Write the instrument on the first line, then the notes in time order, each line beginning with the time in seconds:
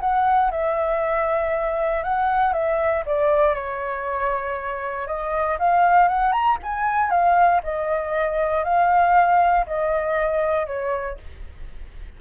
flute
0.00 F#5
0.51 E5
2.03 F#5
2.53 E5
3.06 D5
3.55 C#5
5.07 D#5
5.59 F5
6.08 F#5
6.32 A#5
6.63 G#5
7.10 F5
7.63 D#5
8.64 F5
9.67 D#5
10.67 C#5